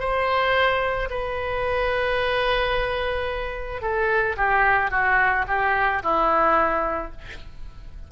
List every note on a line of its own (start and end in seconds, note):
0.00 1.09 C5
1.10 3.82 B4
3.82 4.37 A4
4.37 4.91 G4
4.91 5.46 F#4
5.48 6.03 G4
6.03 7.12 E4